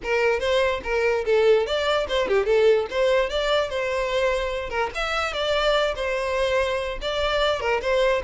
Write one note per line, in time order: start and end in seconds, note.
0.03 0.39 A#4
0.39 0.80 C5
0.83 1.24 A#4
1.25 1.66 A4
1.66 2.07 D5
2.08 2.28 C5
2.28 2.45 G4
2.45 2.86 A4
2.90 3.29 C5
3.29 3.69 D5
3.69 4.69 C5
4.69 4.90 A#4
4.94 5.33 E5
5.33 5.94 D5
5.95 6.98 C5
7.01 7.60 D5
7.60 7.80 A#4
7.81 8.22 C5